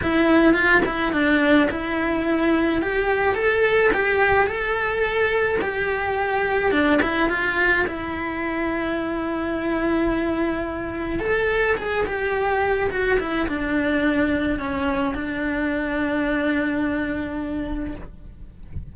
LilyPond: \new Staff \with { instrumentName = "cello" } { \time 4/4 \tempo 4 = 107 e'4 f'8 e'8 d'4 e'4~ | e'4 g'4 a'4 g'4 | a'2 g'2 | d'8 e'8 f'4 e'2~ |
e'1 | a'4 gis'8 g'4. fis'8 e'8 | d'2 cis'4 d'4~ | d'1 | }